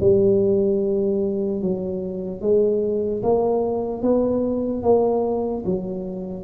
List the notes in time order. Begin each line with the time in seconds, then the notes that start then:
0.00 G3
1.61 F#3
2.41 G#3
3.23 A#3
4.02 B3
4.82 A#3
5.65 F#3